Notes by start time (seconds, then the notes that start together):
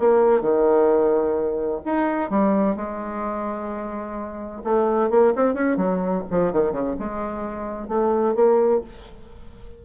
0.00 A#3
0.42 D#3
1.85 D#4
2.30 G3
2.76 G#3
4.64 A3
5.10 A#3
5.36 C4
5.54 C#4
5.77 F#3
6.31 F3
6.53 D#3
6.72 C#3
6.99 G#3
7.89 A3
8.35 A#3